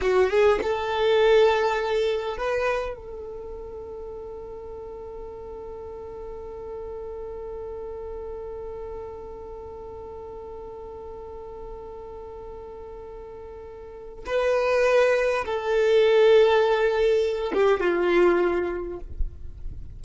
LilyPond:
\new Staff \with { instrumentName = "violin" } { \time 4/4 \tempo 4 = 101 fis'8 gis'8 a'2. | b'4 a'2.~ | a'1~ | a'1~ |
a'1~ | a'1 | b'2 a'2~ | a'4. g'8 f'2 | }